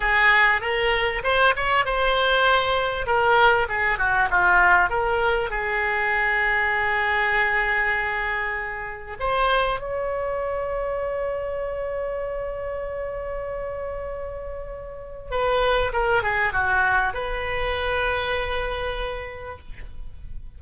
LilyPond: \new Staff \with { instrumentName = "oboe" } { \time 4/4 \tempo 4 = 98 gis'4 ais'4 c''8 cis''8 c''4~ | c''4 ais'4 gis'8 fis'8 f'4 | ais'4 gis'2.~ | gis'2. c''4 |
cis''1~ | cis''1~ | cis''4 b'4 ais'8 gis'8 fis'4 | b'1 | }